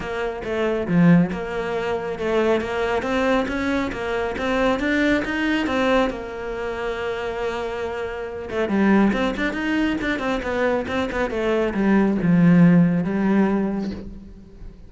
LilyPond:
\new Staff \with { instrumentName = "cello" } { \time 4/4 \tempo 4 = 138 ais4 a4 f4 ais4~ | ais4 a4 ais4 c'4 | cis'4 ais4 c'4 d'4 | dis'4 c'4 ais2~ |
ais2.~ ais8 a8 | g4 c'8 d'8 dis'4 d'8 c'8 | b4 c'8 b8 a4 g4 | f2 g2 | }